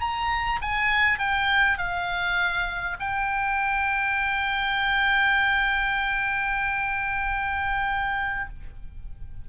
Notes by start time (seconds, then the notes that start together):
0.00 A#5
0.61 G#5
1.19 G5
1.78 F5
2.99 G5